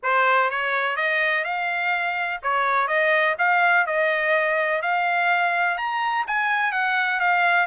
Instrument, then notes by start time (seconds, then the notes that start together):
trumpet
0.02 C5
0.50 C#5
0.96 D#5
1.44 F5
2.43 C#5
2.87 D#5
3.38 F5
3.86 D#5
4.81 F5
5.77 A#5
6.27 G#5
6.72 F#5
7.20 F5